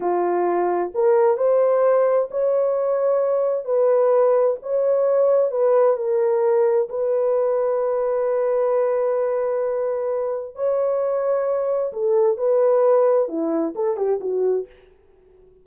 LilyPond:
\new Staff \with { instrumentName = "horn" } { \time 4/4 \tempo 4 = 131 f'2 ais'4 c''4~ | c''4 cis''2. | b'2 cis''2 | b'4 ais'2 b'4~ |
b'1~ | b'2. cis''4~ | cis''2 a'4 b'4~ | b'4 e'4 a'8 g'8 fis'4 | }